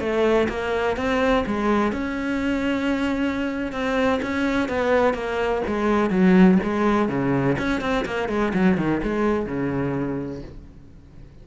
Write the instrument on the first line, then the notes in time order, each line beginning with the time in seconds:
cello
0.00 A3
0.49 A#3
0.96 C4
1.47 G#3
1.92 C#4
3.72 C4
4.22 C#4
4.69 B3
5.14 A#3
5.67 G#3
6.10 F#3
6.63 G#3
7.08 C#3
7.58 C#4
7.81 C4
8.05 A#3
8.28 G#3
8.54 F#3
8.78 D#3
9.03 G#3
9.46 C#3